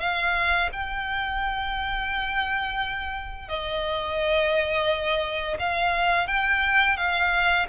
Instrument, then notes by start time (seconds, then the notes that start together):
violin
0.00 F5
0.73 G5
3.49 D#5
5.59 F5
6.28 G5
6.97 F5